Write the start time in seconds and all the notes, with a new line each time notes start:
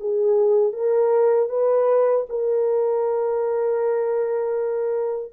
0.00 G#4
0.73 A#4
1.49 B4
2.29 A#4